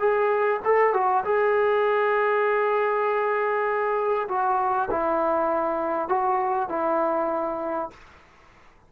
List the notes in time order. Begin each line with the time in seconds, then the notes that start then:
0.00 G#4
0.65 A4
0.94 F#4
1.25 G#4
4.29 F#4
4.91 E4
6.09 F#4
6.69 E4